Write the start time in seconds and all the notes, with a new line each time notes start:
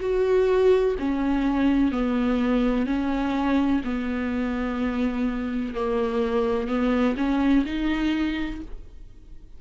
0.00 F#4
0.99 C#4
1.92 B3
2.86 C#4
3.84 B3
5.74 A#3
6.68 B3
7.17 C#4
7.65 D#4